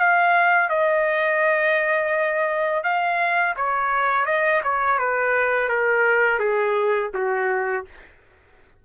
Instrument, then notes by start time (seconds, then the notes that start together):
trumpet
0.00 F5
0.70 D#5
2.84 F5
3.56 C#5
4.26 D#5
4.64 C#5
4.99 B4
5.69 A#4
6.39 G#4
7.14 F#4